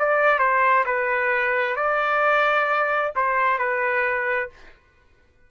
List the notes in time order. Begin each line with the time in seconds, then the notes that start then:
0.00 D5
0.39 C5
0.86 B4
1.77 D5
3.16 C5
3.59 B4